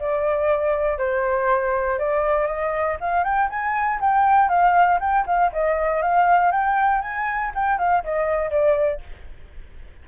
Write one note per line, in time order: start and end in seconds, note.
0.00 0.99 D5
0.99 1.99 C5
1.99 2.48 D5
2.48 2.98 D#5
3.01 3.25 F5
3.25 3.50 G5
3.50 4.01 G#5
4.01 4.49 G5
4.49 5.00 F5
5.00 5.26 G5
5.27 5.52 F5
5.53 6.03 D#5
6.03 6.52 F5
6.52 7.02 G5
7.02 7.52 G#5
7.55 7.79 G5
7.79 8.04 F5
8.04 8.51 D#5
8.51 9.01 D5